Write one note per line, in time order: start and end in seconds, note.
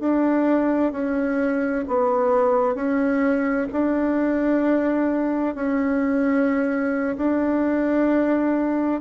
0.00 0.92 D4
0.92 1.85 C#4
1.88 2.75 B3
2.75 3.68 C#4
3.72 5.55 D4
5.55 7.17 C#4
7.17 9.01 D4